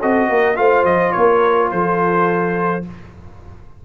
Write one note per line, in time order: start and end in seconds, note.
0.00 0.30 C4
0.00 0.56 F#4
0.00 0.28 A4
0.00 0.57 D#5
0.30 0.58 A#3
0.30 0.58 A#4
0.56 0.85 A3
0.56 2.83 F4
0.56 1.14 C5
0.56 0.85 F5
0.85 1.13 F3
0.85 1.13 D#5
1.13 1.72 A#3
1.13 1.71 A#4
1.13 1.69 C#5
1.72 2.85 F3
1.72 2.86 A4
1.72 2.85 C5